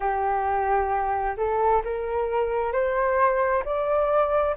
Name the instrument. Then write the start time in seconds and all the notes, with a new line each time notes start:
flute
0.00 G4
1.37 A4
1.84 A#4
2.72 C5
3.64 D5